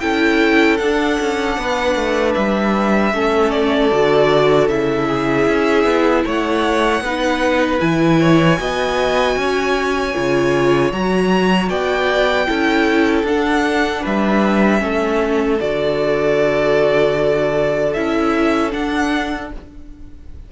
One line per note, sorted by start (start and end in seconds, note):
0.00 0.80 C#4
0.00 0.79 E4
0.00 1.58 A4
0.00 0.77 G5
0.77 3.13 D4
0.77 1.19 D4
0.77 2.33 F#5
1.20 1.57 C#4
1.57 1.95 B3
1.57 3.14 B4
1.95 2.34 A3
2.34 3.13 G3
2.34 3.51 E5
3.13 3.91 A3
3.13 3.91 C#4
3.13 5.09 A4
3.51 4.68 D5
3.92 4.69 D3
3.92 4.69 F#4
4.68 5.47 C#3
4.68 7.03 E4
4.68 6.24 E5
5.09 6.25 G#4
5.48 5.84 C#4
5.84 6.23 B3
6.25 7.01 A3
6.25 7.03 C#5
6.25 7.80 F#5
7.01 7.79 B3
7.01 7.80 D#4
7.01 8.20 B4
7.80 8.59 E3
7.80 8.57 E4
7.80 10.92 G#5
8.20 8.59 C#5
8.57 9.36 B3
8.57 10.13 F#4
8.57 9.38 D#5
9.36 10.14 C#4
9.36 11.69 C#5
10.14 10.92 C#3
10.14 10.92 F4
10.92 11.69 F#3
10.92 12.46 F#4
10.92 11.69 A#5
11.69 12.48 B3
11.69 12.47 D5
11.69 13.25 G5
12.46 13.23 C#4
12.46 13.24 E4
12.46 14.02 A4
13.23 14.01 D4
13.23 14.05 F#5
13.29 14.79 D4
14.02 14.81 G3
14.02 14.80 B4
14.02 15.60 E5
14.79 15.59 A3
14.79 15.57 C#4
14.79 19.52 A4
15.60 17.96 D3
15.60 17.94 F#4
15.60 17.93 D5
17.93 18.74 C#4
17.93 18.70 E4
17.93 18.71 E5
18.70 19.48 D4
18.70 19.52 D4
18.70 19.51 F#5